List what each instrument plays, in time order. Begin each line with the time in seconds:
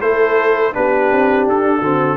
0.00 tuba A3, trombone E4, horn A4, trumpet C5
0.73 tuba B3, trombone D4, horn G4, trumpet B4
1.12 tuba C4
1.47 tuba D4, trumpet A4
1.80 tuba D3, trombone C4, horn F#4